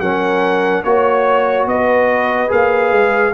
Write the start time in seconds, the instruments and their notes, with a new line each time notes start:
0.00 tuba F#3, trombone C#4, horn A#4, trumpet F#5
0.84 tuba A#3, trombone F#4, trumpet C#5, horn C#5
1.67 tuba B3, horn B4, trumpet D#5
2.48 tuba A#3, trombone G#4, trumpet F5
2.92 tuba G#3